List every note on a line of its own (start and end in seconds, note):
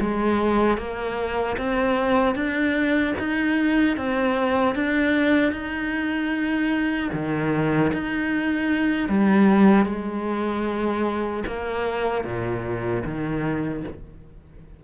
0.00 0.78 G#3
0.78 1.56 A#3
1.57 2.35 C4
2.35 3.14 D4
3.19 3.97 D#4
3.97 4.75 C4
4.75 5.52 D4
5.52 7.09 D#4
7.12 7.91 D#3
7.93 9.09 D#4
9.09 9.85 G3
9.85 11.43 G#3
11.46 12.24 A#3
12.24 13.03 A#2
13.04 13.83 D#3